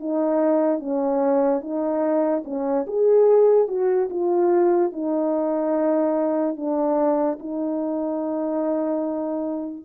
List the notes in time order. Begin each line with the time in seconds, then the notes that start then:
0.00 D#4
0.79 C#4
1.61 D#4
2.45 C#4
2.87 G#4
3.68 F#4
4.10 F4
4.92 D#4
6.56 D4
7.39 D#4